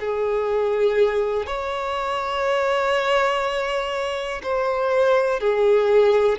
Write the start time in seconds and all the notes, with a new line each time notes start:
0.00 G#4
1.47 C#5
4.43 C5
5.41 G#4